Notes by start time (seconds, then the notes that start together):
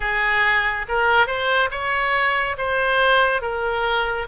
0.00 G#4
0.88 A#4
1.27 C5
1.70 C#5
2.57 C5
3.41 A#4